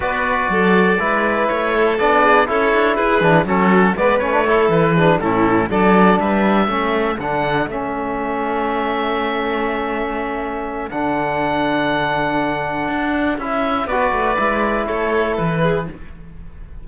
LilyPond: <<
  \new Staff \with { instrumentName = "oboe" } { \time 4/4 \tempo 4 = 121 d''2. cis''4 | d''4 cis''4 b'4 a'4 | d''8 cis''4 b'4 a'4 d''8~ | d''8 e''2 fis''4 e''8~ |
e''1~ | e''2 fis''2~ | fis''2. e''4 | d''2 cis''4 b'4 | }
  \new Staff \with { instrumentName = "violin" } { \time 4/4 b'4 a'4 b'4. a'8~ | a'8 gis'8 a'4 gis'4 fis'4 | b'4 a'4 gis'8 e'4 a'8~ | a'8 b'4 a'2~ a'8~ |
a'1~ | a'1~ | a'1 | b'2 a'4. gis'8 | }
  \new Staff \with { instrumentName = "trombone" } { \time 4/4 fis'2 e'2 | d'4 e'4. d'8 cis'4 | b8 cis'16 d'16 e'4 d'8 cis'4 d'8~ | d'4. cis'4 d'4 cis'8~ |
cis'1~ | cis'2 d'2~ | d'2. e'4 | fis'4 e'2. | }
  \new Staff \with { instrumentName = "cello" } { \time 4/4 b4 fis4 gis4 a4 | b4 cis'8 d'8 e'8 e8 fis4 | gis8 a4 e4 a,4 fis8~ | fis8 g4 a4 d4 a8~ |
a1~ | a2 d2~ | d2 d'4 cis'4 | b8 a8 gis4 a4 e4 | }
>>